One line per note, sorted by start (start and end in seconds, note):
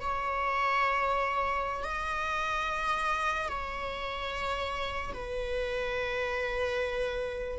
0.00 1.83 C#5
1.83 3.48 D#5
3.48 5.13 C#5
5.13 7.59 B4